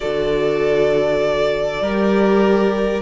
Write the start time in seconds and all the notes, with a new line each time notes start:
0.00 D3 F#4 A4 D5
1.81 G3 G4 A#4